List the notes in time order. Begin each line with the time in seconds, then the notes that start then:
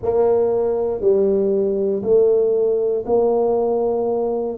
0.02 A#3
1.00 G3
2.02 A3
3.06 A#3